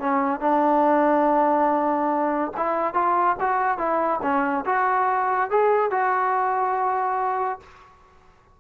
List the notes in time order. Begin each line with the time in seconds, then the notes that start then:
0.00 C#4
0.41 D4
2.57 E4
2.94 F4
3.40 F#4
3.78 E4
4.23 C#4
4.66 F#4
5.50 G#4
5.91 F#4